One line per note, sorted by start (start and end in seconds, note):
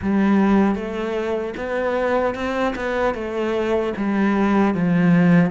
0.02 0.75 G3
0.75 1.54 A3
1.56 2.35 B3
2.35 2.74 C4
2.75 3.14 B3
3.14 3.93 A3
3.96 4.74 G3
4.74 5.50 F3